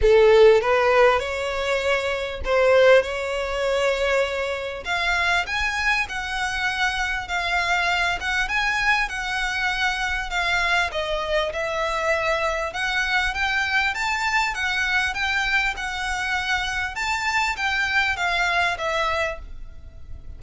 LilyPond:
\new Staff \with { instrumentName = "violin" } { \time 4/4 \tempo 4 = 99 a'4 b'4 cis''2 | c''4 cis''2. | f''4 gis''4 fis''2 | f''4. fis''8 gis''4 fis''4~ |
fis''4 f''4 dis''4 e''4~ | e''4 fis''4 g''4 a''4 | fis''4 g''4 fis''2 | a''4 g''4 f''4 e''4 | }